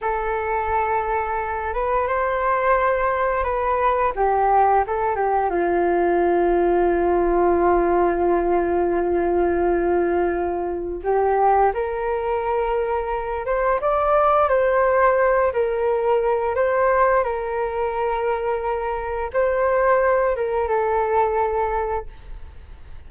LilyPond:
\new Staff \with { instrumentName = "flute" } { \time 4/4 \tempo 4 = 87 a'2~ a'8 b'8 c''4~ | c''4 b'4 g'4 a'8 g'8 | f'1~ | f'1 |
g'4 ais'2~ ais'8 c''8 | d''4 c''4. ais'4. | c''4 ais'2. | c''4. ais'8 a'2 | }